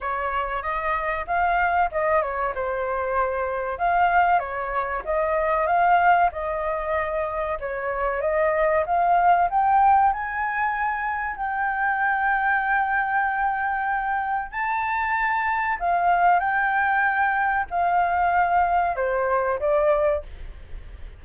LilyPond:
\new Staff \with { instrumentName = "flute" } { \time 4/4 \tempo 4 = 95 cis''4 dis''4 f''4 dis''8 cis''8 | c''2 f''4 cis''4 | dis''4 f''4 dis''2 | cis''4 dis''4 f''4 g''4 |
gis''2 g''2~ | g''2. a''4~ | a''4 f''4 g''2 | f''2 c''4 d''4 | }